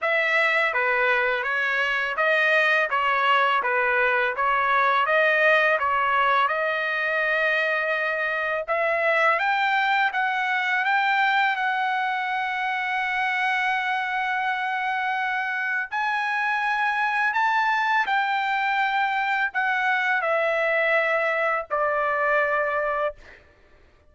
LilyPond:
\new Staff \with { instrumentName = "trumpet" } { \time 4/4 \tempo 4 = 83 e''4 b'4 cis''4 dis''4 | cis''4 b'4 cis''4 dis''4 | cis''4 dis''2. | e''4 g''4 fis''4 g''4 |
fis''1~ | fis''2 gis''2 | a''4 g''2 fis''4 | e''2 d''2 | }